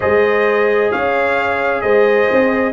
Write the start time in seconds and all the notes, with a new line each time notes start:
0.00 G#3 G#4 C5 D#5
0.91 C#4 C#5 F5
1.81 G#3 C5 D#5
2.31 C4